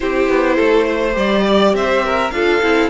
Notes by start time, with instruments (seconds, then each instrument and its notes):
0.00 cello C4, viola E4, violin G4 C5
0.28 cello B3
0.56 cello A3, violin A4
0.84 violin C5
1.12 cello G3, viola G4, violin D5
1.46 violin D5
1.72 cello C4, violin C5 E5
2.04 violin A#4
2.31 cello D4, viola F4, violin A4 F5
2.62 cello C4, viola E4